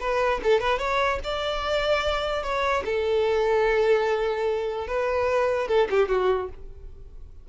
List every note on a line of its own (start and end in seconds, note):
0.00 0.41 B4
0.43 0.60 A4
0.60 0.79 B4
0.79 1.19 C#5
1.24 2.43 D5
2.43 2.83 C#5
2.85 4.87 A4
4.87 5.68 B4
5.68 5.88 A4
5.90 6.08 G4
6.08 6.49 F#4